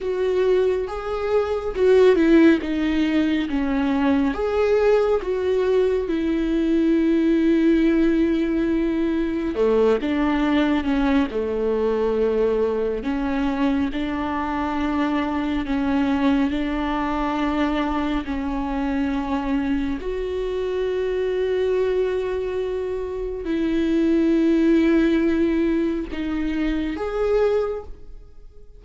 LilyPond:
\new Staff \with { instrumentName = "viola" } { \time 4/4 \tempo 4 = 69 fis'4 gis'4 fis'8 e'8 dis'4 | cis'4 gis'4 fis'4 e'4~ | e'2. a8 d'8~ | d'8 cis'8 a2 cis'4 |
d'2 cis'4 d'4~ | d'4 cis'2 fis'4~ | fis'2. e'4~ | e'2 dis'4 gis'4 | }